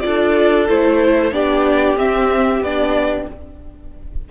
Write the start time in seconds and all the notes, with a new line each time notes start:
0.00 D4 F4 A4 D5
0.68 A3 E4 C5
1.32 B3 D4 G4 D5
1.96 C4 E5
2.60 B3 D4 D5